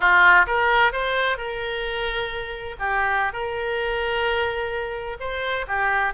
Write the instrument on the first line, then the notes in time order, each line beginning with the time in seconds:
oboe
0.00 F4
0.46 A#4
0.92 C5
1.37 A#4
2.79 G4
3.32 A#4
5.19 C5
5.67 G4